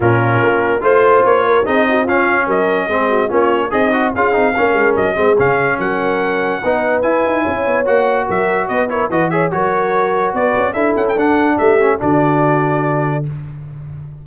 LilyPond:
<<
  \new Staff \with { instrumentName = "trumpet" } { \time 4/4 \tempo 4 = 145 ais'2 c''4 cis''4 | dis''4 f''4 dis''2 | cis''4 dis''4 f''2 | dis''4 f''4 fis''2~ |
fis''4 gis''2 fis''4 | e''4 dis''8 cis''8 dis''8 e''8 cis''4~ | cis''4 d''4 e''8 fis''16 g''16 fis''4 | e''4 d''2. | }
  \new Staff \with { instrumentName = "horn" } { \time 4/4 f'2 c''4. ais'8 | gis'8 fis'8 f'4 ais'4 gis'8 fis'8 | f'4 dis'4 gis'4 ais'4~ | ais'8 gis'4. ais'2 |
b'2 cis''2 | ais'4 b'8 ais'8 b'8 cis''8 ais'4~ | ais'4 b'4 a'2 | g'4 fis'2. | }
  \new Staff \with { instrumentName = "trombone" } { \time 4/4 cis'2 f'2 | dis'4 cis'2 c'4 | cis'4 gis'8 fis'8 f'8 dis'8 cis'4~ | cis'8 c'8 cis'2. |
dis'4 e'2 fis'4~ | fis'4. e'8 fis'8 gis'8 fis'4~ | fis'2 e'4 d'4~ | d'8 cis'8 d'2. | }
  \new Staff \with { instrumentName = "tuba" } { \time 4/4 ais,4 ais4 a4 ais4 | c'4 cis'4 fis4 gis4 | ais4 c'4 cis'8 c'8 ais8 gis8 | fis8 gis8 cis4 fis2 |
b4 e'8 dis'8 cis'8 b8 ais4 | fis4 b4 e4 fis4~ | fis4 b8 cis'8 d'8 cis'8 d'4 | a4 d2. | }
>>